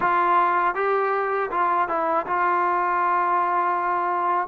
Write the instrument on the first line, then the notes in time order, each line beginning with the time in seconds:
trombone
0.00 F4
0.75 G4
1.50 F4
1.88 E4
2.26 F4